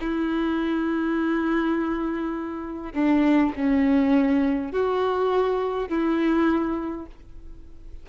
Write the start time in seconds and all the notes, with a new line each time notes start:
0.00 E4
2.93 D4
3.56 C#4
4.72 F#4
5.88 E4